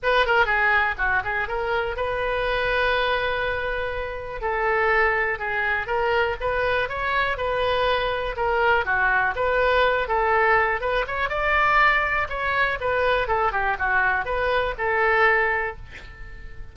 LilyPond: \new Staff \with { instrumentName = "oboe" } { \time 4/4 \tempo 4 = 122 b'8 ais'8 gis'4 fis'8 gis'8 ais'4 | b'1~ | b'4 a'2 gis'4 | ais'4 b'4 cis''4 b'4~ |
b'4 ais'4 fis'4 b'4~ | b'8 a'4. b'8 cis''8 d''4~ | d''4 cis''4 b'4 a'8 g'8 | fis'4 b'4 a'2 | }